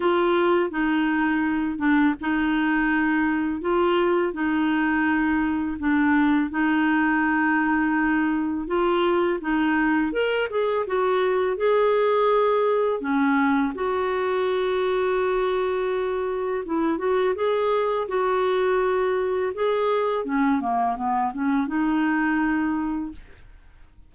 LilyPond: \new Staff \with { instrumentName = "clarinet" } { \time 4/4 \tempo 4 = 83 f'4 dis'4. d'8 dis'4~ | dis'4 f'4 dis'2 | d'4 dis'2. | f'4 dis'4 ais'8 gis'8 fis'4 |
gis'2 cis'4 fis'4~ | fis'2. e'8 fis'8 | gis'4 fis'2 gis'4 | cis'8 ais8 b8 cis'8 dis'2 | }